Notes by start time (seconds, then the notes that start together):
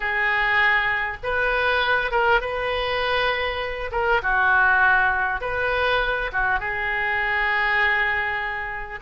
0.00 G#4
1.23 B4
2.11 A#4
2.40 B4
3.91 A#4
4.22 F#4
5.41 B4
6.32 F#4
6.59 G#4